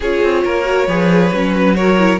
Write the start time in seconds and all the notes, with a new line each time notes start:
0.00 C#4 F4 G#4 C#5
0.22 C4
0.44 A#3 A#4
0.64 F#4
0.87 F3 G#4 B4
1.32 F#3 C#4
1.54 B4
1.75 F#4 A#4 C#5
1.98 E4